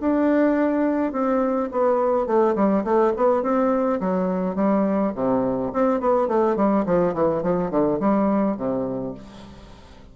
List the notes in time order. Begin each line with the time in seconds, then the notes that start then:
0.00 D4
1.12 C4
1.71 B3
2.26 A3
2.55 G3
2.84 A3
3.16 B3
3.42 C4
4.00 F#3
4.55 G3
5.15 C3
5.73 C4
6.00 B3
6.28 A3
6.56 G3
6.85 F3
7.14 E3
7.43 F3
7.70 D3
7.99 G3
8.57 C3